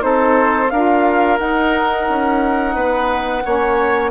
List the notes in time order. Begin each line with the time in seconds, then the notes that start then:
0.00 C4 D#4 A4 C5
0.70 D4 F4 A#4 F5
1.37 D#4 F#5
2.09 C#4
2.75 B3 B4
3.43 A#3 C#4 C#5